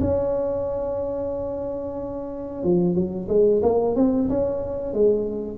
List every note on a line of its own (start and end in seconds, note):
0.00 2.63 C#4
2.63 2.94 F3
2.94 3.27 F#3
3.28 3.61 G#3
3.62 3.95 A#3
3.95 4.28 C4
4.29 4.94 C#4
4.94 5.57 G#3